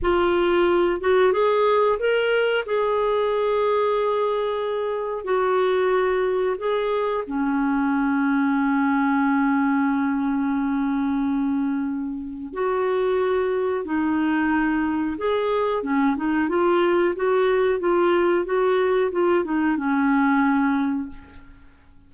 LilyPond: \new Staff \with { instrumentName = "clarinet" } { \time 4/4 \tempo 4 = 91 f'4. fis'8 gis'4 ais'4 | gis'1 | fis'2 gis'4 cis'4~ | cis'1~ |
cis'2. fis'4~ | fis'4 dis'2 gis'4 | cis'8 dis'8 f'4 fis'4 f'4 | fis'4 f'8 dis'8 cis'2 | }